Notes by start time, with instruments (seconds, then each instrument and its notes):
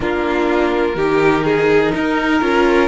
0.00 cello A#3, viola D4, violin F4 A#4
0.95 cello D#3, viola D#4, violin G4
1.44 violin G#4
1.94 cello D#4, violin A#4
2.41 cello C#4, viola F4